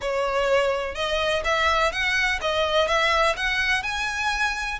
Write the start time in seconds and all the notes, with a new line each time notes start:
0.01 C#5
0.94 D#5
1.44 E5
1.91 F#5
2.41 D#5
2.87 E5
3.36 F#5
3.83 G#5